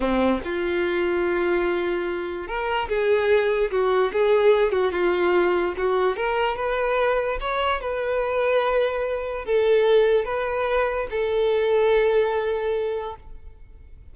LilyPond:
\new Staff \with { instrumentName = "violin" } { \time 4/4 \tempo 4 = 146 c'4 f'2.~ | f'2 ais'4 gis'4~ | gis'4 fis'4 gis'4. fis'8 | f'2 fis'4 ais'4 |
b'2 cis''4 b'4~ | b'2. a'4~ | a'4 b'2 a'4~ | a'1 | }